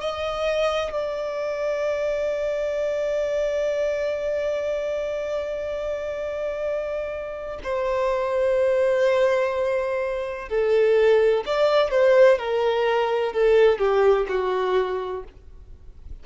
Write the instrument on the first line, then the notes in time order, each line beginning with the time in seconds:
violin
0.00 D#5
0.93 D5
7.63 C5
10.48 A4
11.45 D5
11.90 C5
12.38 A#4
13.33 A4
13.78 G4
14.28 F#4